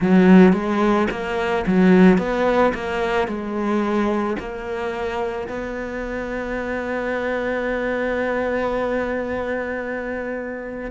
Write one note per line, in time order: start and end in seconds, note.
0.00 0.53 F#3
0.53 1.07 G#3
1.11 1.65 A#3
1.67 2.18 F#3
2.18 2.72 B3
2.73 3.27 A#3
3.27 4.36 G#3
4.39 5.48 A#3
5.48 10.90 B3